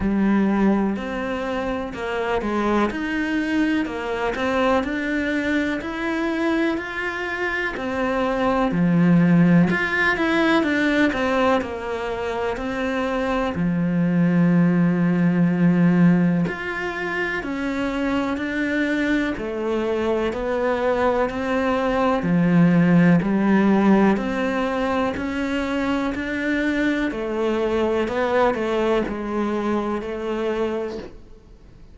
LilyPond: \new Staff \with { instrumentName = "cello" } { \time 4/4 \tempo 4 = 62 g4 c'4 ais8 gis8 dis'4 | ais8 c'8 d'4 e'4 f'4 | c'4 f4 f'8 e'8 d'8 c'8 | ais4 c'4 f2~ |
f4 f'4 cis'4 d'4 | a4 b4 c'4 f4 | g4 c'4 cis'4 d'4 | a4 b8 a8 gis4 a4 | }